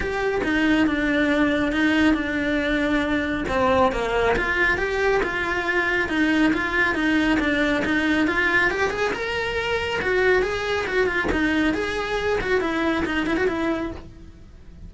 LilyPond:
\new Staff \with { instrumentName = "cello" } { \time 4/4 \tempo 4 = 138 g'4 dis'4 d'2 | dis'4 d'2. | c'4 ais4 f'4 g'4 | f'2 dis'4 f'4 |
dis'4 d'4 dis'4 f'4 | g'8 gis'8 ais'2 fis'4 | gis'4 fis'8 f'8 dis'4 gis'4~ | gis'8 fis'8 e'4 dis'8 e'16 fis'16 e'4 | }